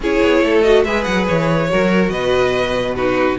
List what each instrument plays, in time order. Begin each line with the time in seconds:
0.00 cello C#4, viola E4, violin G#4 C#5
0.22 cello B3
0.42 cello A3, violin A4
0.62 viola F#4, violin D#5
0.84 cello G#3, viola G#4, violin B4 E5
1.04 cello F#3, violin F#5
1.27 cello E3, violin C#5
1.68 cello F#3, viola F#4, violin A#4
2.09 cello B2, violin B4 D#5
2.95 viola D#4, violin F#4 B4